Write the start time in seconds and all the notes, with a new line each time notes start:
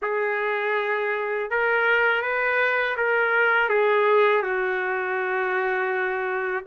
0.02 G#4
1.50 A#4
2.22 B4
2.96 A#4
3.69 G#4
4.42 F#4